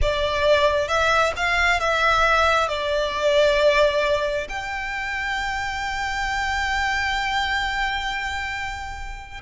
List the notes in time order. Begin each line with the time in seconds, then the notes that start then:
0.01 D5
0.88 E5
1.36 F5
1.80 E5
2.68 D5
4.48 G5